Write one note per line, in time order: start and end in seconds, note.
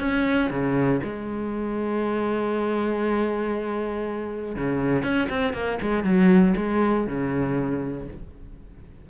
0.00 0.50 C#4
0.50 1.01 C#3
1.04 4.56 G#3
4.56 5.03 C#3
5.03 5.28 C#4
5.30 5.54 C4
5.54 5.79 A#3
5.81 6.04 G#3
6.04 6.55 F#3
6.57 7.07 G#3
7.07 8.08 C#3